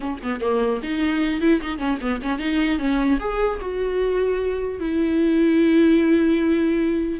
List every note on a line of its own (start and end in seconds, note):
0.00 0.19 C#4
0.22 0.41 B3
0.41 0.81 A#3
0.83 1.41 D#4
1.41 1.61 E4
1.61 1.78 D#4
1.78 1.98 C#4
2.01 2.21 B3
2.22 2.39 C#4
2.39 2.78 D#4
2.78 3.18 C#4
3.19 3.59 G#4
3.60 4.80 F#4
4.80 7.20 E4